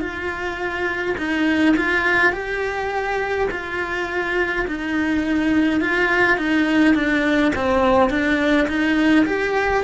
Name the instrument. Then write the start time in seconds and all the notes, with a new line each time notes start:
cello
0.00 F4
1.18 D#4
1.77 F4
2.33 G4
3.51 F4
4.67 D#4
5.81 F4
6.37 D#4
6.95 D4
7.56 C4
8.10 D4
8.68 D#4
9.26 G4